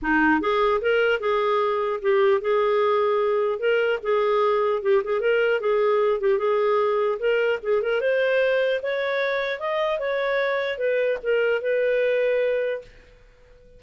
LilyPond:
\new Staff \with { instrumentName = "clarinet" } { \time 4/4 \tempo 4 = 150 dis'4 gis'4 ais'4 gis'4~ | gis'4 g'4 gis'2~ | gis'4 ais'4 gis'2 | g'8 gis'8 ais'4 gis'4. g'8 |
gis'2 ais'4 gis'8 ais'8 | c''2 cis''2 | dis''4 cis''2 b'4 | ais'4 b'2. | }